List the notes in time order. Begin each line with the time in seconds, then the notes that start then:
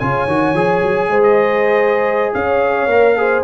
0.00 C#3 F4 C#5 G#5
0.28 D#3 F#4
0.54 F3 G#4
0.82 F#3
1.09 G#3 C5
1.24 D#5
2.34 C#4 C#5 F5
2.87 A#3 A#4
3.18 G#4 C5